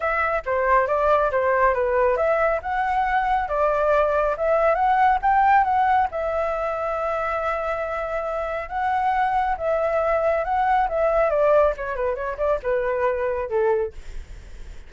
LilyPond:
\new Staff \with { instrumentName = "flute" } { \time 4/4 \tempo 4 = 138 e''4 c''4 d''4 c''4 | b'4 e''4 fis''2 | d''2 e''4 fis''4 | g''4 fis''4 e''2~ |
e''1 | fis''2 e''2 | fis''4 e''4 d''4 cis''8 b'8 | cis''8 d''8 b'2 a'4 | }